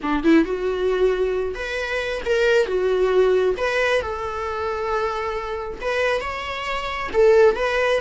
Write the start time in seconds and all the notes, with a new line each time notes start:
0.02 D4
0.23 E4
0.44 F#4
1.54 B4
2.25 A#4
2.66 F#4
3.57 B4
4.01 A4
5.81 B4
6.20 C#5
7.13 A4
7.55 B4